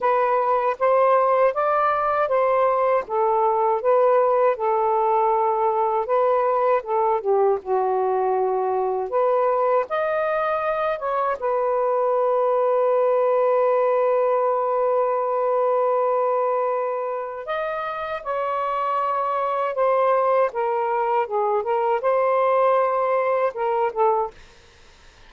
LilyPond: \new Staff \with { instrumentName = "saxophone" } { \time 4/4 \tempo 4 = 79 b'4 c''4 d''4 c''4 | a'4 b'4 a'2 | b'4 a'8 g'8 fis'2 | b'4 dis''4. cis''8 b'4~ |
b'1~ | b'2. dis''4 | cis''2 c''4 ais'4 | gis'8 ais'8 c''2 ais'8 a'8 | }